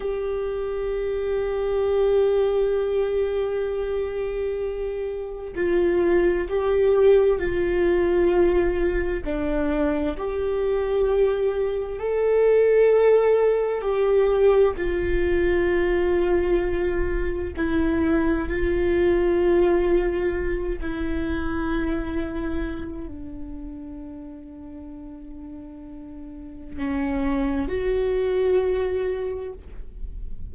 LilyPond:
\new Staff \with { instrumentName = "viola" } { \time 4/4 \tempo 4 = 65 g'1~ | g'2 f'4 g'4 | f'2 d'4 g'4~ | g'4 a'2 g'4 |
f'2. e'4 | f'2~ f'8 e'4.~ | e'4 d'2.~ | d'4 cis'4 fis'2 | }